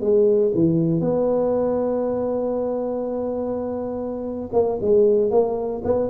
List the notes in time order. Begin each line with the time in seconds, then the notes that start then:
0.00 G#3
0.54 E3
1.01 B3
4.53 A#3
4.81 G#3
5.31 A#3
5.84 B3